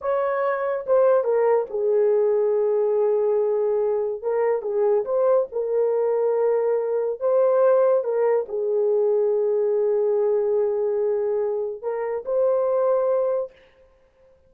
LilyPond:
\new Staff \with { instrumentName = "horn" } { \time 4/4 \tempo 4 = 142 cis''2 c''4 ais'4 | gis'1~ | gis'2 ais'4 gis'4 | c''4 ais'2.~ |
ais'4 c''2 ais'4 | gis'1~ | gis'1 | ais'4 c''2. | }